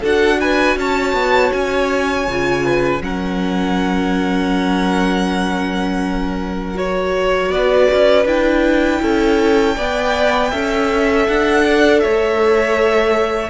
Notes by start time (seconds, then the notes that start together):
0.00 D4 F#4 A4 F#5
0.40 B4 G#5
0.76 C#4 C#5 A5
1.13 B3
1.52 C#4 G#5
2.27 C#3 F4
2.65 B4
3.01 F#3 C#4 A#4 F#5
6.75 F#4 C#5
7.50 B3 B4 D5
7.93 C#4
8.25 D4 E4 G5
9.02 C#4 A4
9.76 B3 B4 D5
10.50 C#4 A4 E5
11.27 D4 F#5
11.65 D5
12.00 A3 C#5 E5